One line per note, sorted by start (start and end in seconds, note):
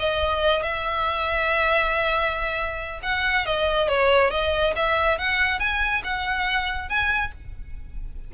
0.00 0.63 D#5
0.63 3.01 E5
3.03 3.46 F#5
3.46 3.89 D#5
3.89 4.31 C#5
4.31 4.74 D#5
4.76 5.19 E5
5.19 5.60 F#5
5.60 6.03 G#5
6.04 6.89 F#5
6.89 7.32 G#5